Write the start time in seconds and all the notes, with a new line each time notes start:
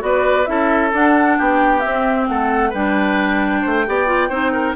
0.00 B3 F#4 B4 D5
0.45 C#4 E4 A4 E5
0.92 D4 F#5
1.38 B3 G4 G5
1.80 C4 E5
2.27 A3 A4 F#5
2.69 G3 D4 B4 G5
3.62 A3 C5
3.86 B3 G4 D5
4.06 F4
4.29 C4 D#4 C5
4.52 A#4